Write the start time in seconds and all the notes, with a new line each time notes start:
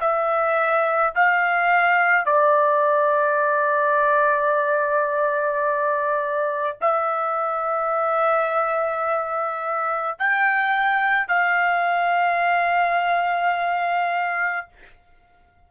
0.00 E5
1.15 F5
2.25 D5
6.81 E5
10.18 G5
11.28 F5